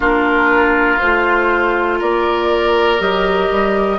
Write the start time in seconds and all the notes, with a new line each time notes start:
0.00 A#3 D4 F4 A#4
0.99 A3 F4 C5
1.98 A#3 A#4 D5
2.99 F#3 G4 D#5
3.51 G3